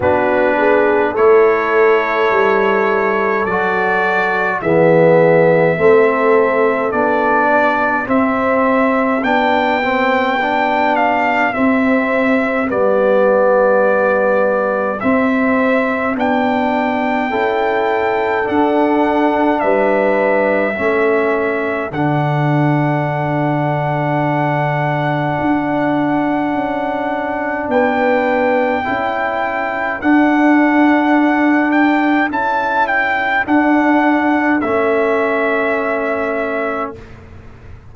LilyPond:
<<
  \new Staff \with { instrumentName = "trumpet" } { \time 4/4 \tempo 4 = 52 b'4 cis''2 d''4 | e''2 d''4 e''4 | g''4. f''8 e''4 d''4~ | d''4 e''4 g''2 |
fis''4 e''2 fis''4~ | fis''1 | g''2 fis''4. g''8 | a''8 g''8 fis''4 e''2 | }
  \new Staff \with { instrumentName = "horn" } { \time 4/4 fis'8 gis'8 a'2. | gis'4 a'4. g'4.~ | g'1~ | g'2. a'4~ |
a'4 b'4 a'2~ | a'1 | b'4 a'2.~ | a'1 | }
  \new Staff \with { instrumentName = "trombone" } { \time 4/4 d'4 e'2 fis'4 | b4 c'4 d'4 c'4 | d'8 c'8 d'4 c'4 b4~ | b4 c'4 d'4 e'4 |
d'2 cis'4 d'4~ | d'1~ | d'4 e'4 d'2 | e'4 d'4 cis'2 | }
  \new Staff \with { instrumentName = "tuba" } { \time 4/4 b4 a4 g4 fis4 | e4 a4 b4 c'4 | b2 c'4 g4~ | g4 c'4 b4 cis'4 |
d'4 g4 a4 d4~ | d2 d'4 cis'4 | b4 cis'4 d'2 | cis'4 d'4 a2 | }
>>